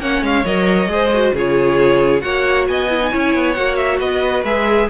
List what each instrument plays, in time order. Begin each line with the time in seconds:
0.00 cello A#3, viola C#4, violin C#5 F#5
0.22 cello G#3, violin F5
0.45 cello F#3, viola A#4, violin D#5
0.88 cello G#3, viola G#4, violin C5
1.13 viola F#4
1.33 cello C#3, viola F4, violin G#4 C#5
2.20 cello A#3, viola F#4, violin C#5 F#5
2.68 cello B3, violin D#5 G#5
2.91 viola E4
3.01 viola D#4
3.11 cello C#4, viola E4, violin C#5
3.35 cello B3
3.54 cello A#3, viola F#4, violin F#5
3.77 violin E5
3.99 cello B3, violin B4 D#5
4.44 cello G#3, viola G#4, violin E5